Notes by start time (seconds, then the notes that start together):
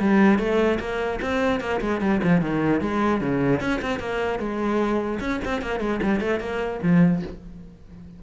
0.00 G3
0.39 A3
0.80 A#3
1.21 C4
1.61 A#3
1.81 G#3
2.01 G3
2.23 F3
2.41 D#3
2.81 G#3
3.21 C#3
3.60 C#4
3.81 C4
3.99 A#3
4.39 G#3
5.20 C#4
5.45 C4
5.62 A#3
5.80 G#3
6.03 G3
6.20 A3
6.40 A#3
6.82 F3